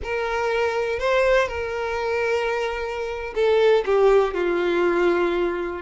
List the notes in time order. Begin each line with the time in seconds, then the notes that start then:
0.03 A#4
0.99 C5
1.48 A#4
3.34 A4
3.85 G4
4.34 F4